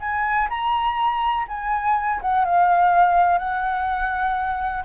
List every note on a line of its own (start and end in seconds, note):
0.00 0.48 G#5
0.49 1.46 A#5
1.48 2.21 G#5
2.22 2.45 F#5
2.45 3.38 F5
3.38 4.84 F#5